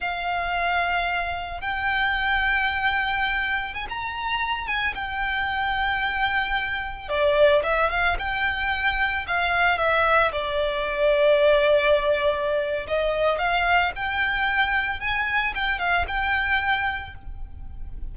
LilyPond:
\new Staff \with { instrumentName = "violin" } { \time 4/4 \tempo 4 = 112 f''2. g''4~ | g''2. gis''16 ais''8.~ | ais''8. gis''8 g''2~ g''8.~ | g''4~ g''16 d''4 e''8 f''8 g''8.~ |
g''4~ g''16 f''4 e''4 d''8.~ | d''1 | dis''4 f''4 g''2 | gis''4 g''8 f''8 g''2 | }